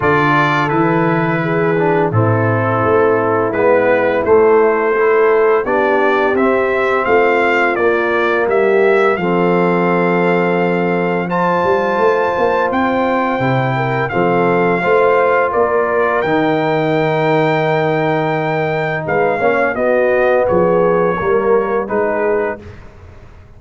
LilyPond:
<<
  \new Staff \with { instrumentName = "trumpet" } { \time 4/4 \tempo 4 = 85 d''4 b'2 a'4~ | a'4 b'4 c''2 | d''4 e''4 f''4 d''4 | e''4 f''2. |
a''2 g''2 | f''2 d''4 g''4~ | g''2. f''4 | dis''4 cis''2 b'4 | }
  \new Staff \with { instrumentName = "horn" } { \time 4/4 a'2 gis'4 e'4~ | e'2. a'4 | g'2 f'2 | g'4 a'2. |
c''2.~ c''8 ais'8 | a'4 c''4 ais'2~ | ais'2. b'8 cis''8 | fis'4 gis'4 ais'4 gis'4 | }
  \new Staff \with { instrumentName = "trombone" } { \time 4/4 f'4 e'4. d'8 c'4~ | c'4 b4 a4 e'4 | d'4 c'2 ais4~ | ais4 c'2. |
f'2. e'4 | c'4 f'2 dis'4~ | dis'2.~ dis'8 cis'8 | b2 ais4 dis'4 | }
  \new Staff \with { instrumentName = "tuba" } { \time 4/4 d4 e2 a,4 | a4 gis4 a2 | b4 c'4 a4 ais4 | g4 f2.~ |
f8 g8 a8 ais8 c'4 c4 | f4 a4 ais4 dis4~ | dis2. gis8 ais8 | b4 f4 g4 gis4 | }
>>